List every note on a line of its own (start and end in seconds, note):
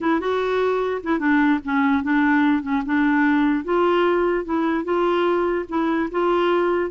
0.00 0.20 E4
0.20 1.01 F#4
1.03 1.19 E4
1.19 1.59 D4
1.64 2.03 C#4
2.03 2.62 D4
2.62 2.82 C#4
2.85 3.64 D4
3.64 4.44 F4
4.44 4.84 E4
4.84 5.65 F4
5.69 6.09 E4
6.11 6.90 F4